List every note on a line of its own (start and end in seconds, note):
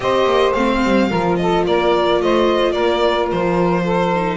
0.00 0.25 C4
0.00 0.54 G4
0.00 1.10 C5
0.00 0.52 D#5
0.25 0.52 A#3
0.52 0.83 A3
0.52 1.10 C4
0.52 1.35 F5
0.83 1.11 G3
1.10 1.66 F3
1.10 4.12 F4
1.10 1.37 A#4
1.36 1.65 A4
1.36 1.64 D#5
1.65 2.21 A#3
1.65 2.20 A#4
1.65 2.21 D5
2.21 2.76 A3
2.21 2.72 C5
2.21 2.71 D#5
2.71 3.31 A#3
2.71 3.82 A#4
2.71 3.26 D5
3.31 4.36 F3
3.31 4.36 C5
3.83 4.36 A4
4.14 4.36 D#4